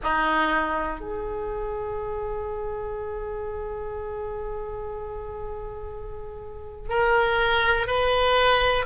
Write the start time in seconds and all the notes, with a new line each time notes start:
0.03 D#4
1.00 G#4
6.89 A#4
7.86 B4